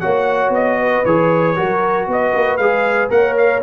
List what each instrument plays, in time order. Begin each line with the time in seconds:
0.00 tuba A#3, trombone F#4, horn C#5, trumpet F#5
0.49 tuba B3, trumpet D#5
0.79 horn B4
1.05 tuba E3, trombone G#4, trumpet C#5
1.56 tuba F#3, trombone F#4, horn A#4
2.08 tuba B3, horn B4, trumpet D#5
2.34 tuba A#3
2.57 tuba G#3, trombone G#4, trumpet F5
3.10 tuba A#3, trombone A#4, horn C#5, trumpet F#5
3.37 trumpet F5